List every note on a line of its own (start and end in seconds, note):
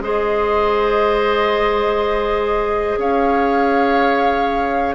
0.00 2.97 G#3
0.00 4.95 G#4
0.00 2.99 C5
0.00 2.99 D#5
2.98 4.95 C#4
2.98 4.95 C#5
2.98 4.95 F5